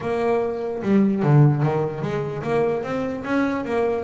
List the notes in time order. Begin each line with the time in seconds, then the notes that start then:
0.00 A#3
0.82 G3
1.22 D3
1.63 D#3
2.02 G#3
2.43 A#3
2.83 C4
3.24 C#4
3.65 A#3